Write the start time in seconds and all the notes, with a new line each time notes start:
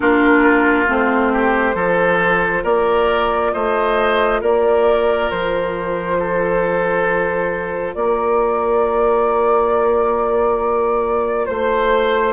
0.00 A#3 D4 F4 A#4
0.87 A3 C4 C5
1.32 G4
1.74 F3 F4 A4
2.63 A#3 A#4 D5
3.52 A3 C5 D#5
4.41 A#3 A#4 D5
5.30 F3 C5
6.19 A4
7.94 A#3 A#4 D5
11.46 A3 C5